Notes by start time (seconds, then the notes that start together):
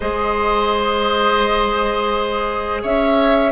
0.00 G#3 G#4 C5 D#5
2.82 C#4 C#5 E5